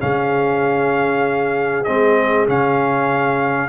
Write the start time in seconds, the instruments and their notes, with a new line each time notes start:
0.00 tuba C#3, trombone C#4, horn G#4, trumpet F5
1.85 tuba G#3, trombone C4, trumpet D#5
2.48 tuba C#3, trombone C#4, trumpet F5